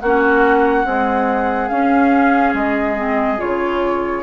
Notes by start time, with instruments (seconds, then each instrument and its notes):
0.00 bassoon A#3, clarinet C#4, oboe F#4, flute F#5
0.84 clarinet G#3, bassoon C4, oboe G#4
1.68 clarinet C#4, bassoon C#4, flute F5
2.53 bassoon G#3, flute D#5
2.96 clarinet C4
3.38 bassoon C#3, clarinet F4, flute C#5